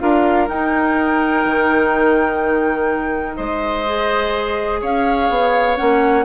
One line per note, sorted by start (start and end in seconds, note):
0.00 0.49 D4
0.00 0.48 F4
0.00 3.37 A#4
0.00 0.48 F5
0.49 1.45 D#4
0.49 3.86 D#4
0.49 3.35 G5
1.45 3.37 D#3
3.35 4.83 G#3
3.35 4.81 C5
3.35 4.79 D#5
3.86 5.76 G#4
4.81 5.29 C#4
4.81 6.25 C#5
4.81 5.77 F5
5.29 5.78 B3
5.76 6.25 A#3
5.76 6.24 C#4
5.76 6.25 F#5